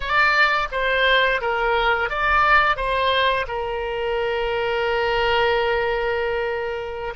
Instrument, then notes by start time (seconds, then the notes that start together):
oboe
0.00 D5
0.71 C5
1.41 A#4
2.09 D5
2.76 C5
3.47 A#4